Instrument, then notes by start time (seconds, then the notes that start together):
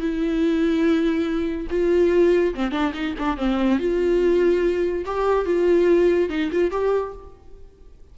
viola
0.00 E4
1.71 F4
2.55 C4
2.72 D4
2.94 D#4
3.19 D4
3.38 C4
3.80 F4
5.06 G4
5.46 F4
6.30 D#4
6.52 F4
6.72 G4